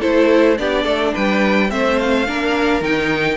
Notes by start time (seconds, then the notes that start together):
0.00 A3 E4 A4 C5
0.58 B3 D4 G4 D5
0.84 A3 A4
1.14 G3 B4 G5
1.69 A3 C4 C5 E5
1.99 F5
2.27 A#3 D4 A#4
2.81 D#3 D#4 G5